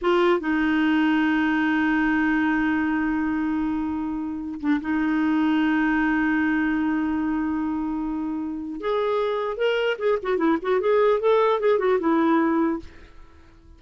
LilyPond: \new Staff \with { instrumentName = "clarinet" } { \time 4/4 \tempo 4 = 150 f'4 dis'2.~ | dis'1~ | dis'2.~ dis'8 d'8 | dis'1~ |
dis'1~ | dis'2 gis'2 | ais'4 gis'8 fis'8 e'8 fis'8 gis'4 | a'4 gis'8 fis'8 e'2 | }